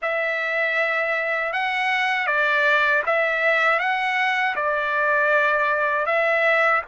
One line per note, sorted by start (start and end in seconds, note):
0.01 1.52 E5
1.52 2.26 F#5
2.26 3.02 D5
3.06 3.79 E5
3.79 4.55 F#5
4.55 6.06 D5
6.06 6.81 E5